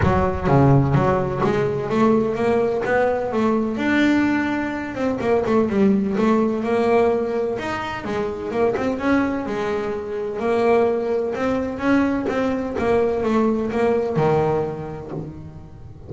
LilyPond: \new Staff \with { instrumentName = "double bass" } { \time 4/4 \tempo 4 = 127 fis4 cis4 fis4 gis4 | a4 ais4 b4 a4 | d'2~ d'8 c'8 ais8 a8 | g4 a4 ais2 |
dis'4 gis4 ais8 c'8 cis'4 | gis2 ais2 | c'4 cis'4 c'4 ais4 | a4 ais4 dis2 | }